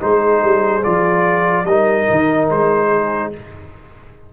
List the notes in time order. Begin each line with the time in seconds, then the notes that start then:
0.00 G#3 D#4 G#4 C5
0.43 G3
0.83 F3 F4 D5
1.64 G3 D#4 A#4 D#5
2.10 D#3
2.50 G#3 C5
2.88 G#4